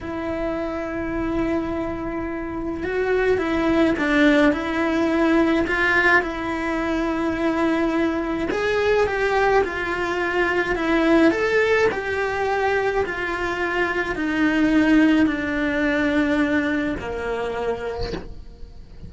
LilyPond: \new Staff \with { instrumentName = "cello" } { \time 4/4 \tempo 4 = 106 e'1~ | e'4 fis'4 e'4 d'4 | e'2 f'4 e'4~ | e'2. gis'4 |
g'4 f'2 e'4 | a'4 g'2 f'4~ | f'4 dis'2 d'4~ | d'2 ais2 | }